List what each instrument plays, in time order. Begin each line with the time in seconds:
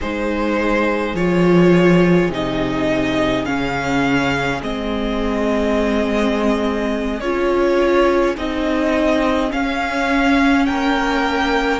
0.00 cello G#3, viola D#4, violin G#4 C5
1.14 cello F3, viola F4, violin C#5
2.29 cello C3, viola D#4, violin D#5
3.45 cello C#3, viola C#4, violin F5
4.61 cello G#3, viola C4, violin D#5
7.20 cello C#4, viola F4, violin C#5
8.36 cello C4, viola D#4, violin D#5
9.49 viola C#4, cello C#4, violin F5
10.65 cello A#3, violin A#4 G5